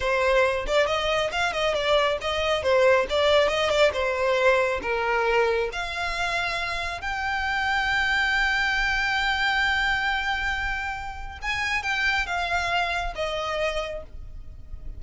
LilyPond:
\new Staff \with { instrumentName = "violin" } { \time 4/4 \tempo 4 = 137 c''4. d''8 dis''4 f''8 dis''8 | d''4 dis''4 c''4 d''4 | dis''8 d''8 c''2 ais'4~ | ais'4 f''2. |
g''1~ | g''1~ | g''2 gis''4 g''4 | f''2 dis''2 | }